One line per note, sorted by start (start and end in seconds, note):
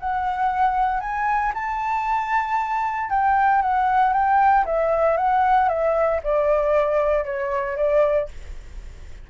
0.00 1.01 F#5
1.01 1.53 G#5
1.54 3.10 A5
3.10 3.62 G5
3.62 4.13 F#5
4.13 4.65 G5
4.66 5.17 E5
5.17 5.69 F#5
5.69 6.21 E5
6.24 7.25 D5
7.25 7.77 C#5
7.77 8.29 D5